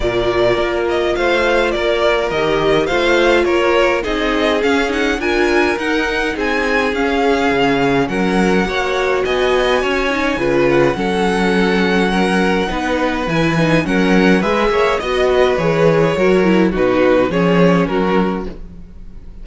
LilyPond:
<<
  \new Staff \with { instrumentName = "violin" } { \time 4/4 \tempo 4 = 104 d''4. dis''8 f''4 d''4 | dis''4 f''4 cis''4 dis''4 | f''8 fis''8 gis''4 fis''4 gis''4 | f''2 fis''2 |
gis''2~ gis''8 fis''4.~ | fis''2. gis''4 | fis''4 e''4 dis''4 cis''4~ | cis''4 b'4 cis''4 ais'4 | }
  \new Staff \with { instrumentName = "violin" } { \time 4/4 ais'2 c''4 ais'4~ | ais'4 c''4 ais'4 gis'4~ | gis'4 ais'2 gis'4~ | gis'2 ais'4 cis''4 |
dis''4 cis''4 b'4 a'4~ | a'4 ais'4 b'2 | ais'4 b'8 cis''8 dis''8 b'4. | ais'4 fis'4 gis'4 fis'4 | }
  \new Staff \with { instrumentName = "viola" } { \time 4/4 f'1 | g'4 f'2 dis'4 | cis'8 dis'8 f'4 dis'2 | cis'2. fis'4~ |
fis'4. dis'8 f'4 cis'4~ | cis'2 dis'4 e'8 dis'8 | cis'4 gis'4 fis'4 gis'4 | fis'8 e'8 dis'4 cis'2 | }
  \new Staff \with { instrumentName = "cello" } { \time 4/4 ais,4 ais4 a4 ais4 | dis4 a4 ais4 c'4 | cis'4 d'4 dis'4 c'4 | cis'4 cis4 fis4 ais4 |
b4 cis'4 cis4 fis4~ | fis2 b4 e4 | fis4 gis8 ais8 b4 e4 | fis4 b,4 f4 fis4 | }
>>